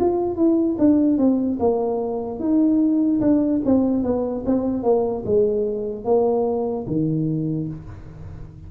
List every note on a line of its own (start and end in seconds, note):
0.00 0.36 F4
0.36 0.77 E4
0.79 1.18 D4
1.18 1.58 C4
1.59 2.39 A#3
2.39 3.20 D#4
3.21 3.61 D4
3.65 4.04 C4
4.04 4.44 B3
4.46 4.83 C4
4.83 5.24 A#3
5.25 6.05 G#3
6.05 6.86 A#3
6.87 7.68 D#3